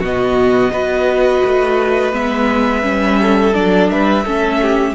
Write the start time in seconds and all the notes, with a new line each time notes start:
0.00 B2 B3 F#4 D#5
0.72 B3 F#4 B4
1.45 A3
2.13 G#3 B3 E5
2.82 G3 C#4
3.22 A4
3.54 F#3 D4 D5
3.90 G3 B4 E5
4.25 A3 C#4 A4
4.62 G4